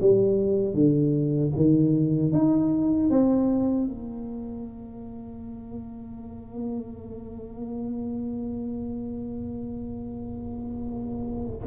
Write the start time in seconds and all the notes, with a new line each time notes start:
0.00 G3
0.74 D3
1.55 D#3
2.32 D#4
3.10 C4
3.87 A#3